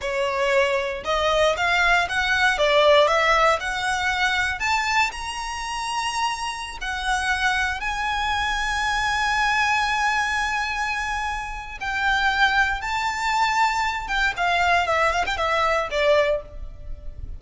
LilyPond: \new Staff \with { instrumentName = "violin" } { \time 4/4 \tempo 4 = 117 cis''2 dis''4 f''4 | fis''4 d''4 e''4 fis''4~ | fis''4 a''4 ais''2~ | ais''4~ ais''16 fis''2 gis''8.~ |
gis''1~ | gis''2. g''4~ | g''4 a''2~ a''8 g''8 | f''4 e''8 f''16 g''16 e''4 d''4 | }